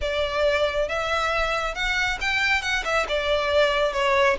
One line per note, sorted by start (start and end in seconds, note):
0.01 0.88 D5
0.88 1.74 E5
1.74 2.18 F#5
2.20 2.62 G5
2.62 2.83 F#5
2.84 3.06 E5
3.08 3.92 D5
3.92 4.36 C#5